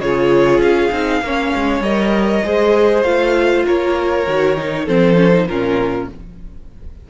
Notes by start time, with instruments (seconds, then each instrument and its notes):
0.00 cello C#3, viola F4, violin G#4 C#5
0.59 cello C#4, violin F5
0.92 cello C4, viola D#4
1.21 cello A#3, viola C#4, violin C#5
1.55 cello G#3
1.80 cello G3, viola A#4, violin D#5
2.44 cello G#3, viola G#4, violin C5
3.03 cello A3, viola F4, violin F5
3.65 cello A#3, violin A#4 C#5
4.27 cello D#3, viola F#4
4.56 viola D#4
4.85 cello F3, viola C4, violin A4 C5
5.16 viola C#4
5.32 viola D#4
5.47 cello A#2, viola C#4, violin F4 A#4